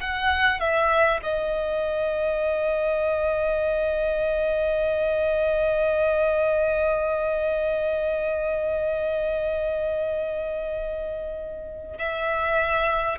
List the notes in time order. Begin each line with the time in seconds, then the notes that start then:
0.00 F#5
0.60 E5
1.23 D#5
11.98 E5